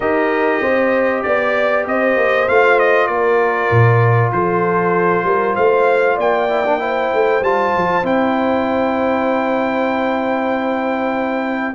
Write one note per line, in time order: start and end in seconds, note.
0.00 0.59 D#4
0.00 2.48 G4
0.00 0.61 A#4
0.00 1.22 D#5
0.61 1.23 C4
0.61 1.23 C5
1.22 1.86 B3
1.22 1.84 D5
1.22 1.87 D5
1.86 2.16 C4
1.86 3.09 C5
1.86 2.48 D#5
2.16 2.47 A#3
2.48 3.08 A3
2.48 6.49 F4
2.48 2.79 F5
2.79 3.07 D#5
3.07 3.69 A#3
3.07 4.33 A#4
3.07 4.31 D5
3.70 4.31 A#2
4.31 5.23 F3
4.31 5.26 A4
4.31 5.55 C5
5.23 5.54 G3
5.23 5.54 A#4
5.54 6.18 A3
5.54 6.15 C5
5.54 6.17 F5
6.15 7.10 A#3
6.15 6.77 D5
6.15 7.43 G5
6.49 6.64 E4
6.65 6.79 D4
6.79 7.41 E4
6.79 11.74 C5
7.13 7.41 A3
7.41 7.72 G3
7.41 8.03 F4
7.41 8.05 A5
7.76 8.03 F3
8.03 11.74 C4
8.03 11.74 E4
8.03 11.74 G5